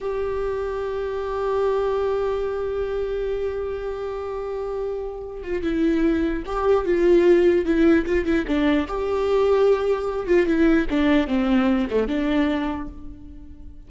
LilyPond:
\new Staff \with { instrumentName = "viola" } { \time 4/4 \tempo 4 = 149 g'1~ | g'1~ | g'1~ | g'4. f'8 e'2 |
g'4 f'2 e'4 | f'8 e'8 d'4 g'2~ | g'4. f'8 e'4 d'4 | c'4. a8 d'2 | }